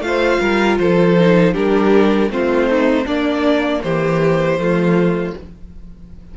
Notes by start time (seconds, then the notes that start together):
0.00 A3 F4 F5
0.07 C5
0.41 G3 A#4
0.78 F3 A4 C5
1.20 D#4
1.54 G3 D4 G4 A#4
2.30 A3 C4 F4 C5
2.70 D#4
3.06 A#3 D4 D5
3.83 E3 G4 C5
4.58 F3 A3 F4